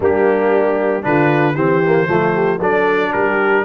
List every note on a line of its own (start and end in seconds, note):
0.00 1.02 G3
0.00 1.02 A#3
0.00 1.05 D4
0.00 1.04 G4
1.02 1.55 D3
1.02 1.54 D4
1.02 1.54 F4
1.02 1.55 B4
1.54 2.07 E3
1.54 1.82 C4
1.54 2.07 G4
1.54 2.59 C5
1.86 2.07 A#3
2.07 2.60 F3
2.07 2.59 A3
2.07 2.34 F4
2.34 2.58 G4
2.58 3.12 F#3
2.58 3.65 D4
2.58 3.10 A4
2.58 3.12 D5
3.12 3.65 G3
3.12 3.65 G4
3.12 3.65 A#4